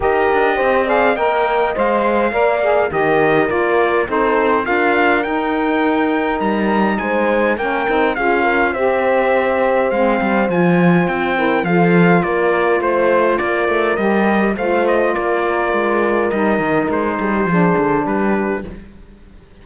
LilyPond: <<
  \new Staff \with { instrumentName = "trumpet" } { \time 4/4 \tempo 4 = 103 dis''4. f''8 g''4 f''4~ | f''4 dis''4 d''4 c''4 | f''4 g''2 ais''4 | gis''4 g''4 f''4 e''4~ |
e''4 f''4 gis''4 g''4 | f''4 d''4 c''4 d''4 | dis''4 f''8 dis''8 d''2 | dis''4 c''2 b'4 | }
  \new Staff \with { instrumentName = "horn" } { \time 4/4 ais'4 c''8 d''8 dis''2 | d''4 ais'2 a'4 | ais'1 | c''4 ais'4 gis'8 ais'8 c''4~ |
c''2.~ c''8 ais'8 | a'4 ais'4 c''4 ais'4~ | ais'4 c''4 ais'2~ | ais'4. gis'16 g'16 gis'4 g'4 | }
  \new Staff \with { instrumentName = "saxophone" } { \time 4/4 g'4. gis'8 ais'4 c''4 | ais'8 gis'8 g'4 f'4 dis'4 | f'4 dis'2.~ | dis'4 cis'8 dis'8 f'4 g'4~ |
g'4 c'4 f'4. e'8 | f'1 | g'4 f'2. | dis'2 d'2 | }
  \new Staff \with { instrumentName = "cello" } { \time 4/4 dis'8 d'8 c'4 ais4 gis4 | ais4 dis4 ais4 c'4 | d'4 dis'2 g4 | gis4 ais8 c'8 cis'4 c'4~ |
c'4 gis8 g8 f4 c'4 | f4 ais4 a4 ais8 a8 | g4 a4 ais4 gis4 | g8 dis8 gis8 g8 f8 d8 g4 | }
>>